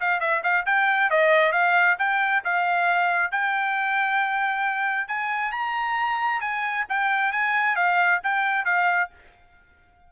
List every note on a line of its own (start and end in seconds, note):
0.00 0.20 F5
0.20 0.42 E5
0.43 0.65 F5
0.65 1.10 G5
1.10 1.52 D#5
1.52 1.96 F5
1.98 2.43 G5
2.44 3.31 F5
3.31 5.07 G5
5.07 5.52 G#5
5.52 6.40 A#5
6.40 6.85 G#5
6.88 7.32 G5
7.32 7.75 G#5
7.75 8.20 F5
8.23 8.65 G5
8.65 9.09 F5